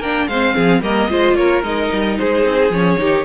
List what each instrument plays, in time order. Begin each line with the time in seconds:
0.00 cello A#3, viola D4, violin A#4 G5
0.28 cello G#3, viola C4, violin C5 F5
0.55 cello F3, violin G#4
0.81 cello G3, viola A#3, violin A#4 D#5
1.10 cello G#3, viola F4, violin C5
1.35 cello A#3, violin A#4 C#5
1.63 cello G#3, viola D#4, violin D#5
1.93 cello G3
2.18 cello G#3, violin G#4 C5
2.45 cello C4
2.70 cello F3, viola C#4, violin C#5
2.99 cello D#3, viola D#4, violin G4